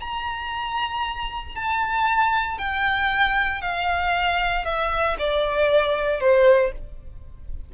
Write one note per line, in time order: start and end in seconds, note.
0.00 1.55 A#5
1.55 2.58 A5
2.58 3.61 G5
3.61 4.65 F5
4.65 5.16 E5
5.18 6.20 D5
6.20 6.71 C5